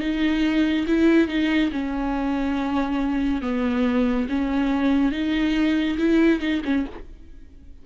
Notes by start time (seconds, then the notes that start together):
0.00 D#4
0.87 E4
1.28 D#4
1.72 C#4
3.42 B3
4.29 C#4
5.12 D#4
5.98 E4
6.40 D#4
6.64 C#4